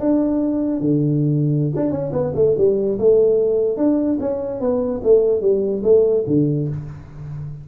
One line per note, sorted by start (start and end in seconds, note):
0.00 0.81 D4
0.81 1.73 D3
1.76 1.91 D4
1.91 2.12 C#4
2.13 2.33 B3
2.35 2.56 A3
2.57 2.99 G3
2.99 3.77 A3
3.77 4.18 D4
4.20 4.60 C#4
4.60 5.01 B3
5.03 5.41 A3
5.41 5.82 G3
5.84 6.25 A3
6.27 6.68 D3